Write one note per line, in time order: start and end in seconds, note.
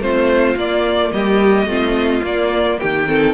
0.00 0.56 A3
0.00 0.57 C4
0.00 1.14 F4
0.00 0.57 C5
0.56 1.11 A#3
0.56 1.69 A#3
0.56 1.12 D5
1.12 1.66 G3
1.12 1.69 G4
1.12 2.24 D#5
1.66 2.21 A3
1.66 2.22 C4
1.66 2.80 F4
2.22 3.05 A#3
2.22 2.78 A#3
2.22 2.80 D5
2.80 3.34 D#3
2.80 3.08 G4
2.80 3.34 G5
3.07 3.34 C4
3.07 3.34 A4